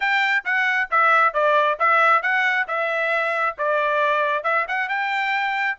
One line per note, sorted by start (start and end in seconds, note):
0.00 0.44 G5
0.44 0.89 F#5
0.90 1.33 E5
1.33 1.78 D5
1.79 2.22 E5
2.22 2.66 F#5
2.67 3.56 E5
3.58 4.43 D5
4.43 4.65 E5
4.67 4.88 F#5
4.88 5.77 G5